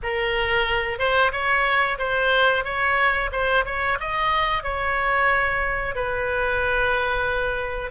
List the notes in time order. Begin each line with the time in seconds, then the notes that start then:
0.02 A#4
0.98 C5
1.32 C#5
1.98 C5
2.64 C#5
3.31 C5
3.65 C#5
4.00 D#5
4.63 C#5
5.95 B4